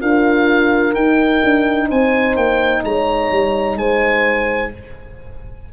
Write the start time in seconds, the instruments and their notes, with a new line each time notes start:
0.00 tuba D4, horn F4 A#4, oboe F5
0.95 tuba D#4, horn D#4, oboe G5
1.44 tuba D4
1.88 tuba C4, horn C5, oboe G#5
2.36 tuba A#3, oboe G5
2.84 tuba G#3, horn C#5, oboe A#5
3.31 tuba G3
3.76 tuba G#3, horn C5, oboe G#5